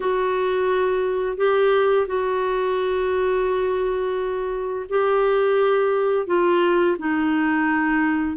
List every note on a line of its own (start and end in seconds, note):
0.00 1.37 F#4
1.37 2.06 G4
2.06 4.86 F#4
4.89 6.26 G4
6.26 6.96 F4
6.98 8.37 D#4